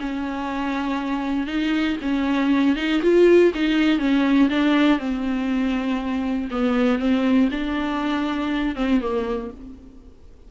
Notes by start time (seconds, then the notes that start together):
0.00 C#4
1.47 D#4
2.02 C#4
2.76 D#4
3.02 F4
3.54 D#4
3.98 C#4
4.50 D4
4.98 C4
6.50 B3
6.99 C4
7.51 D4
8.75 C4
9.01 A#3